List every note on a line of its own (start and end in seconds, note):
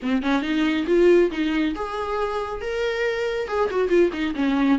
0.02 0.22 C4
0.22 0.42 C#4
0.42 0.85 D#4
0.86 1.30 F4
1.31 1.74 D#4
1.75 2.61 G#4
2.61 3.47 A#4
3.47 3.69 G#4
3.70 3.88 F#4
3.88 4.10 F4
4.12 4.34 D#4
4.35 4.78 C#4